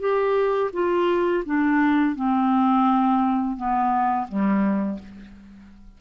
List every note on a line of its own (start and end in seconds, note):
0.00 0.71 G4
0.73 1.44 F4
1.45 2.16 D4
2.16 3.56 C4
3.56 4.27 B3
4.28 4.99 G3